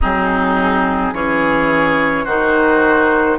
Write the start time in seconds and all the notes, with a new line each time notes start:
0.00 F#3 C4 D#4 G#4
1.12 E3 C#4 G#4 C#5
2.24 D#3 D#4 F#4 C5